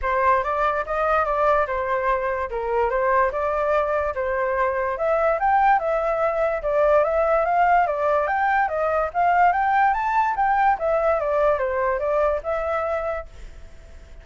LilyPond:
\new Staff \with { instrumentName = "flute" } { \time 4/4 \tempo 4 = 145 c''4 d''4 dis''4 d''4 | c''2 ais'4 c''4 | d''2 c''2 | e''4 g''4 e''2 |
d''4 e''4 f''4 d''4 | g''4 dis''4 f''4 g''4 | a''4 g''4 e''4 d''4 | c''4 d''4 e''2 | }